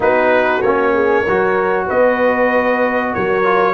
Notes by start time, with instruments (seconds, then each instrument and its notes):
0.00 tuba B3, trombone D#4, horn F#4, trumpet B4
0.61 tuba A#3, trombone C#4, trumpet C#5
0.93 horn G#4
1.21 horn A#4
1.27 tuba F#3, trombone F#4
1.86 tuba B3, horn B4, trumpet D#5
3.12 tuba F#3, horn A#4, trumpet C#5
3.43 trombone F4